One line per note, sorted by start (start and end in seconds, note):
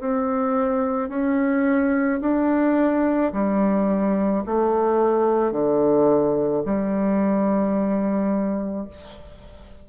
0.00 1.09 C4
1.09 2.20 C#4
2.21 3.32 D4
3.33 4.44 G3
4.46 5.53 A3
5.53 6.64 D3
6.66 8.88 G3